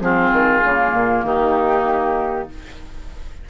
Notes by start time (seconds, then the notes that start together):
0.00 F3 C4 F4 G#4
0.32 D#3
0.63 C#3 A#3
0.92 A#2
1.23 D#3 D#4 G4